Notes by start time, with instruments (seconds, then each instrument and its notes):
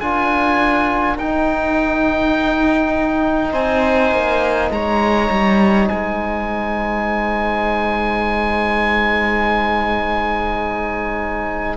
0.00 cello D4, trombone F4, viola A#4, oboe G#5
1.18 cello D#4, trombone D#4, oboe G5
3.52 cello C4, viola C5, oboe G#5
4.12 cello A#3
4.71 cello G#3, viola C#5, oboe A#5
5.30 cello G3
5.88 cello G#3, viola C5, oboe G#5